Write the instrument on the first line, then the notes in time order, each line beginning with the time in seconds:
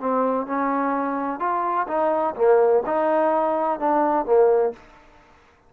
trombone
0.00 C4
0.46 C#4
1.40 F4
1.87 D#4
2.36 A#3
2.86 D#4
3.79 D4
4.25 A#3